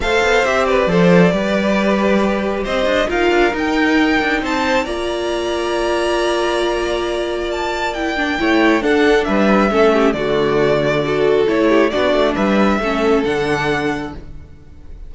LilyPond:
<<
  \new Staff \with { instrumentName = "violin" } { \time 4/4 \tempo 4 = 136 f''4 e''8 d''2~ d''8~ | d''2 dis''4 f''4 | g''2 a''4 ais''4~ | ais''1~ |
ais''4 a''4 g''2 | fis''4 e''2 d''4~ | d''2 cis''4 d''4 | e''2 fis''2 | }
  \new Staff \with { instrumentName = "violin" } { \time 4/4 c''4. b'8 c''4 b'4~ | b'2 c''4 ais'4~ | ais'2 c''4 d''4~ | d''1~ |
d''2. cis''4 | a'4 b'4 a'8 g'8 fis'4~ | fis'4 a'4. g'8 fis'4 | b'4 a'2. | }
  \new Staff \with { instrumentName = "viola" } { \time 4/4 a'4 g'4 a'4 g'4~ | g'2. f'4 | dis'2. f'4~ | f'1~ |
f'2 e'8 d'8 e'4 | d'2 cis'4 a4~ | a4 fis'4 e'4 d'4~ | d'4 cis'4 d'2 | }
  \new Staff \with { instrumentName = "cello" } { \time 4/4 a8 b8 c'4 f4 g4~ | g2 c'8 d'8 dis'8 d'8 | dis'4. d'8 c'4 ais4~ | ais1~ |
ais2. a4 | d'4 g4 a4 d4~ | d2 a4 b8 a8 | g4 a4 d2 | }
>>